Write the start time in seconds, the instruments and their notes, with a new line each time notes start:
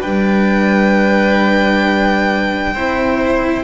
0.00 double bass G3, cello D4, violin B4 G5
2.73 double bass C4, cello E4, violin C5